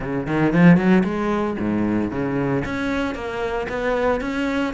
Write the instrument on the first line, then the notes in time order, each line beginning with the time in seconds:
cello
0.00 C#3
0.26 D#3
0.53 F3
0.77 F#3
1.04 G#3
1.59 G#2
2.11 C#3
2.65 C#4
3.14 A#3
3.68 B3
4.21 C#4